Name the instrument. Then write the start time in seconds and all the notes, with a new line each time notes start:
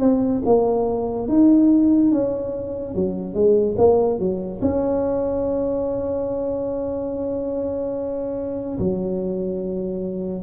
tuba
0.00 C4
0.45 A#3
1.28 D#4
2.12 C#4
2.94 F#3
3.34 G#3
3.77 A#3
4.19 F#3
4.61 C#4
8.78 F#3